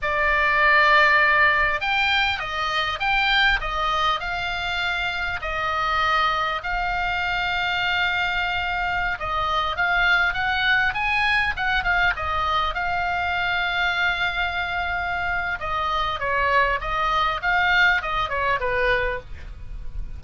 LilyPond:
\new Staff \with { instrumentName = "oboe" } { \time 4/4 \tempo 4 = 100 d''2. g''4 | dis''4 g''4 dis''4 f''4~ | f''4 dis''2 f''4~ | f''2.~ f''16 dis''8.~ |
dis''16 f''4 fis''4 gis''4 fis''8 f''16~ | f''16 dis''4 f''2~ f''8.~ | f''2 dis''4 cis''4 | dis''4 f''4 dis''8 cis''8 b'4 | }